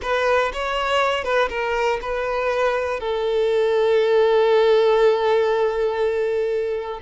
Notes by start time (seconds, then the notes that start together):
0.02 B4
0.53 C#5
1.23 B4
1.49 A#4
2.01 B4
3.00 A4